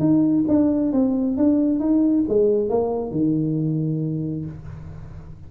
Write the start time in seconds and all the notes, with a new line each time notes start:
0.00 D#4
0.48 D4
0.93 C4
1.38 D4
1.80 D#4
2.29 G#3
2.69 A#3
3.12 D#3